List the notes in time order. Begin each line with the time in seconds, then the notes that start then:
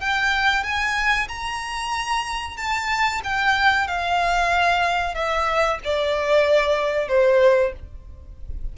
0.00 G5
0.63 G#5
1.28 A#5
2.57 A5
3.24 G5
3.87 F5
5.14 E5
5.84 D5
7.08 C5